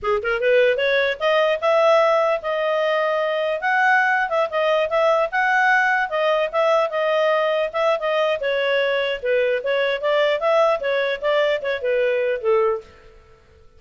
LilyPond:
\new Staff \with { instrumentName = "clarinet" } { \time 4/4 \tempo 4 = 150 gis'8 ais'8 b'4 cis''4 dis''4 | e''2 dis''2~ | dis''4 fis''4.~ fis''16 e''8 dis''8.~ | dis''16 e''4 fis''2 dis''8.~ |
dis''16 e''4 dis''2 e''8. | dis''4 cis''2 b'4 | cis''4 d''4 e''4 cis''4 | d''4 cis''8 b'4. a'4 | }